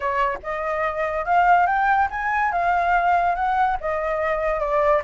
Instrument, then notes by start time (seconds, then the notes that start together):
flute
0.00 C#5
0.43 D#5
1.25 F5
1.66 G5
2.10 G#5
2.52 F5
3.35 F#5
3.80 D#5
4.59 D5